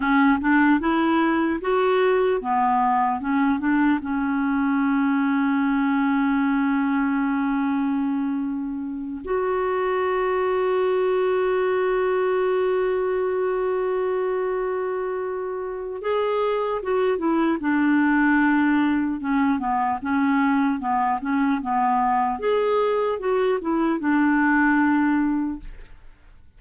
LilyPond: \new Staff \with { instrumentName = "clarinet" } { \time 4/4 \tempo 4 = 75 cis'8 d'8 e'4 fis'4 b4 | cis'8 d'8 cis'2.~ | cis'2.~ cis'8 fis'8~ | fis'1~ |
fis'1 | gis'4 fis'8 e'8 d'2 | cis'8 b8 cis'4 b8 cis'8 b4 | gis'4 fis'8 e'8 d'2 | }